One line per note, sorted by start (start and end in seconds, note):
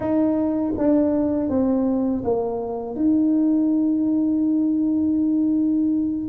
0.00 0.73 D#4
0.77 1.49 D4
1.49 2.23 C4
2.24 2.95 A#3
2.95 6.28 D#4